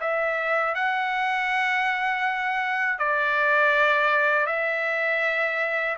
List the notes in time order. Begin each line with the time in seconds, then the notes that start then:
0.00 E5
0.74 F#5
2.99 D5
4.46 E5